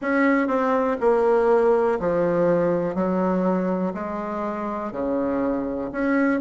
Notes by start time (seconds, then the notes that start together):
0.01 C#4
0.47 C4
1.00 A#3
1.99 F3
2.94 F#3
3.93 G#3
4.92 C#3
5.92 C#4